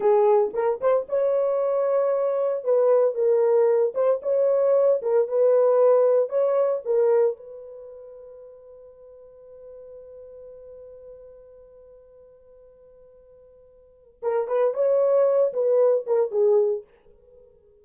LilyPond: \new Staff \with { instrumentName = "horn" } { \time 4/4 \tempo 4 = 114 gis'4 ais'8 c''8 cis''2~ | cis''4 b'4 ais'4. c''8 | cis''4. ais'8 b'2 | cis''4 ais'4 b'2~ |
b'1~ | b'1~ | b'2. ais'8 b'8 | cis''4. b'4 ais'8 gis'4 | }